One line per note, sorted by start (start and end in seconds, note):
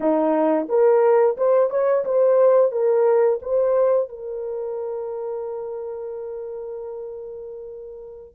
0.00 0.68 D#4
0.68 1.36 A#4
1.37 1.70 C5
1.70 2.04 C#5
2.04 2.71 C5
2.71 3.39 A#4
3.42 4.08 C5
4.08 8.34 A#4